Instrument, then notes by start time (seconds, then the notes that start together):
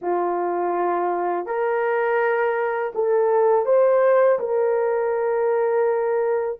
horn
0.01 F4
1.46 A#4
2.94 A4
3.65 C5
4.39 A#4